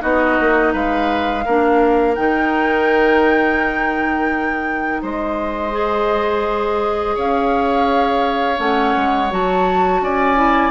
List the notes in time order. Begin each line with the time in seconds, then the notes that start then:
0.00 B3 D#4 F#4 D#5
0.40 A#3
0.73 G#3 B4 F5
1.45 A#3 D4 A#4
2.15 D#3 D#4 G5
5.02 G#3 C5 D#5
5.72 G#4
7.15 C#4 C#5 F5
8.56 A3 C#4 F#5
8.96 G#3
9.31 F#3 F#4 A5
10.01 C#4 D5 G#5
10.36 E4